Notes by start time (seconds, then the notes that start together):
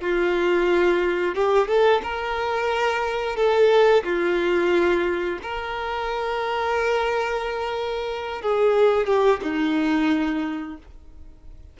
0.00 F4
1.35 G4
1.67 A4
2.03 A#4
3.36 A4
4.04 F4
5.42 A#4
8.41 G#4
9.06 G4
9.42 D#4